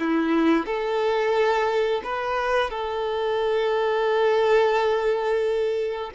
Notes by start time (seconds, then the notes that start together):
0.00 E4
0.66 A4
2.05 B4
2.71 A4